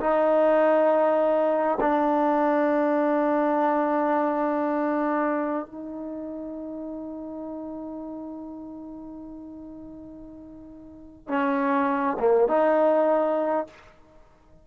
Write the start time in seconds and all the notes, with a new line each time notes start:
0.00 D#4
1.80 D4
5.66 D#4
11.28 C#4
12.19 A#3
12.48 D#4